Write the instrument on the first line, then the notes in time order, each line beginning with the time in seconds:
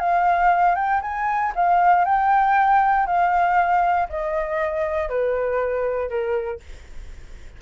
flute
0.00 F5
0.76 G5
1.02 G#5
1.56 F5
2.05 G5
3.07 F5
4.10 D#5
5.09 B4
6.10 A#4